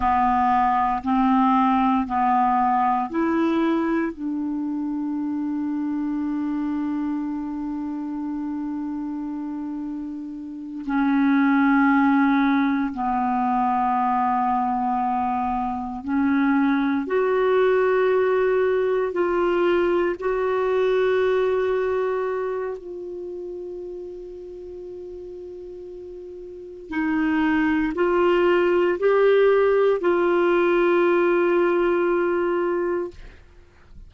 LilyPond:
\new Staff \with { instrumentName = "clarinet" } { \time 4/4 \tempo 4 = 58 b4 c'4 b4 e'4 | d'1~ | d'2~ d'8 cis'4.~ | cis'8 b2. cis'8~ |
cis'8 fis'2 f'4 fis'8~ | fis'2 f'2~ | f'2 dis'4 f'4 | g'4 f'2. | }